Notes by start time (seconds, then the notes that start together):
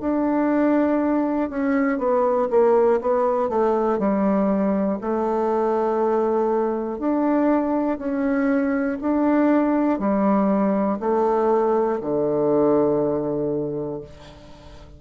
0.00 D4
1.50 C#4
1.98 B3
2.50 A#3
3.00 B3
3.49 A3
3.98 G3
5.01 A3
6.98 D4
7.98 C#4
9.00 D4
9.99 G3
10.99 A3
12.00 D3